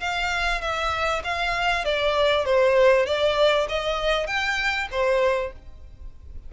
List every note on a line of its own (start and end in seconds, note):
0.00 0.61 F5
0.61 1.22 E5
1.24 1.85 F5
1.85 2.45 D5
2.45 3.06 C5
3.06 3.67 D5
3.69 4.27 D#5
4.27 4.88 G5
4.91 5.52 C5